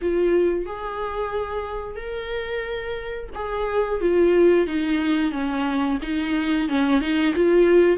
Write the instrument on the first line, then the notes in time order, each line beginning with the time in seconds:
viola
0.02 F4
0.65 G#4
1.96 A#4
3.35 G#4
4.00 F4
4.66 D#4
5.32 C#4
6.02 D#4
6.68 C#4
7.00 D#4
7.35 F4